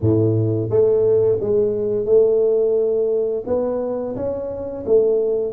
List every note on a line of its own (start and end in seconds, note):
0.01 0.70 A2
0.70 1.39 A3
1.40 2.05 G#3
2.05 3.43 A3
3.46 4.15 B3
4.15 4.84 C#4
4.86 5.52 A3